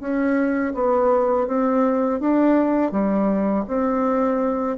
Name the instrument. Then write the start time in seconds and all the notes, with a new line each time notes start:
bassoon
0.00 C#4
0.74 B3
1.47 C4
2.20 D4
2.91 G3
3.67 C4